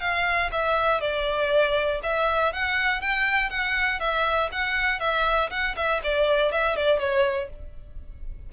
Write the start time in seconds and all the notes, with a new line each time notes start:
0.00 F5
0.52 E5
1.00 D5
2.03 E5
2.53 F#5
3.01 G5
3.50 F#5
3.99 E5
4.52 F#5
5.00 E5
5.50 F#5
5.76 E5
6.03 D5
6.51 E5
6.76 D5
6.99 C#5